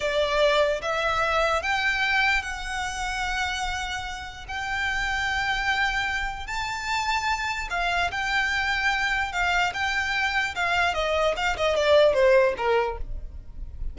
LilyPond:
\new Staff \with { instrumentName = "violin" } { \time 4/4 \tempo 4 = 148 d''2 e''2 | g''2 fis''2~ | fis''2. g''4~ | g''1 |
a''2. f''4 | g''2. f''4 | g''2 f''4 dis''4 | f''8 dis''8 d''4 c''4 ais'4 | }